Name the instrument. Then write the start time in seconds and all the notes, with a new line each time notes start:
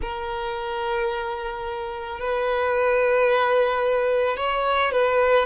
violin
0.01 A#4
2.20 B4
4.36 C#5
4.91 B4